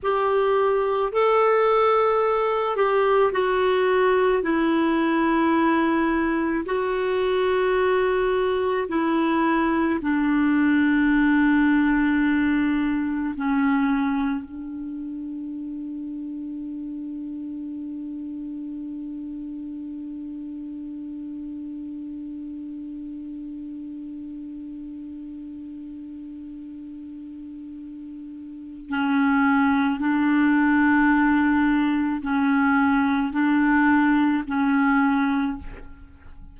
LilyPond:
\new Staff \with { instrumentName = "clarinet" } { \time 4/4 \tempo 4 = 54 g'4 a'4. g'8 fis'4 | e'2 fis'2 | e'4 d'2. | cis'4 d'2.~ |
d'1~ | d'1~ | d'2 cis'4 d'4~ | d'4 cis'4 d'4 cis'4 | }